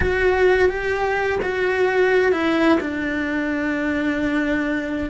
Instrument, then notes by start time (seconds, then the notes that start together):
cello
0.00 F#4
0.69 G4
1.42 F#4
2.32 E4
2.80 D4